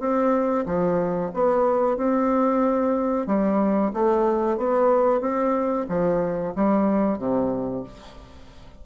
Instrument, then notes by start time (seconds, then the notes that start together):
bassoon
0.00 C4
0.66 F3
1.34 B3
1.97 C4
3.27 G3
3.93 A3
4.57 B3
5.21 C4
5.88 F3
6.55 G3
7.18 C3